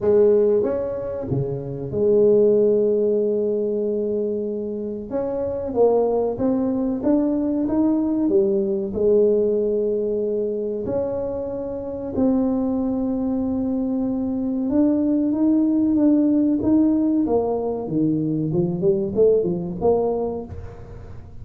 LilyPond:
\new Staff \with { instrumentName = "tuba" } { \time 4/4 \tempo 4 = 94 gis4 cis'4 cis4 gis4~ | gis1 | cis'4 ais4 c'4 d'4 | dis'4 g4 gis2~ |
gis4 cis'2 c'4~ | c'2. d'4 | dis'4 d'4 dis'4 ais4 | dis4 f8 g8 a8 f8 ais4 | }